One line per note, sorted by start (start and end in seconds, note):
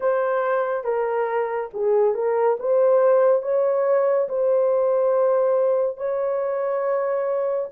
0.00 0.84 C5
0.84 1.69 A#4
1.73 2.14 G#4
2.14 2.57 A#4
2.59 3.42 C5
3.42 4.28 C#5
4.29 5.97 C5
5.97 7.68 C#5